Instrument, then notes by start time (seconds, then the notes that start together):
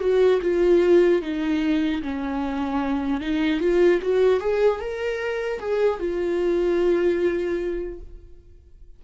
viola
0.00 F#4
0.42 F4
1.22 D#4
2.02 C#4
3.20 D#4
3.60 F4
4.02 F#4
4.40 G#4
4.80 A#4
5.59 G#4
5.99 F4